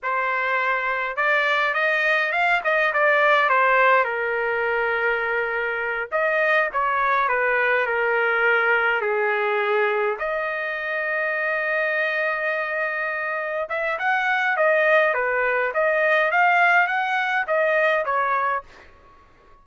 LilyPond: \new Staff \with { instrumentName = "trumpet" } { \time 4/4 \tempo 4 = 103 c''2 d''4 dis''4 | f''8 dis''8 d''4 c''4 ais'4~ | ais'2~ ais'8 dis''4 cis''8~ | cis''8 b'4 ais'2 gis'8~ |
gis'4. dis''2~ dis''8~ | dis''2.~ dis''8 e''8 | fis''4 dis''4 b'4 dis''4 | f''4 fis''4 dis''4 cis''4 | }